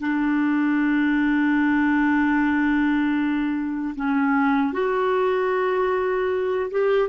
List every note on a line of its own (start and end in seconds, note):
0.00 3.95 D4
3.95 4.73 C#4
4.73 6.70 F#4
6.71 7.09 G4